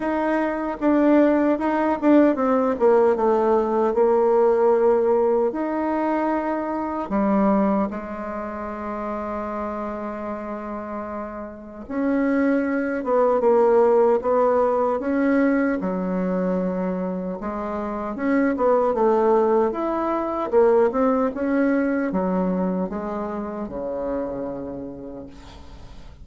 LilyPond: \new Staff \with { instrumentName = "bassoon" } { \time 4/4 \tempo 4 = 76 dis'4 d'4 dis'8 d'8 c'8 ais8 | a4 ais2 dis'4~ | dis'4 g4 gis2~ | gis2. cis'4~ |
cis'8 b8 ais4 b4 cis'4 | fis2 gis4 cis'8 b8 | a4 e'4 ais8 c'8 cis'4 | fis4 gis4 cis2 | }